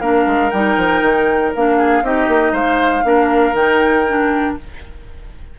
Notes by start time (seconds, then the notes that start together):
0.00 A#3 D4 A#4 F5
0.26 G#3
0.50 G3 D#4 G5
0.77 F3
1.01 D#3
1.55 A#3 D4 F5
1.78 G#4
2.02 C4 D#4 G4 D#5
2.28 A#3
2.52 G#3 C5 F5
3.03 A#3 D4 A#4
3.53 D#3 D#4 G5
4.08 D4